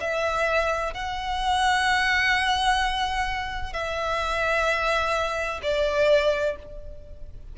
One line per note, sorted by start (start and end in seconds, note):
0.00 0.93 E5
0.93 3.72 F#5
3.72 5.60 E5
5.62 6.56 D5